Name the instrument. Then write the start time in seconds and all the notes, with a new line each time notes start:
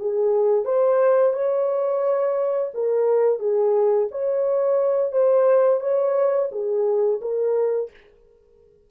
horn
0.00 G#4
0.65 C5
1.34 C#5
2.74 A#4
3.39 G#4
4.12 C#5
5.13 C5
5.81 C#5
6.52 G#4
7.22 A#4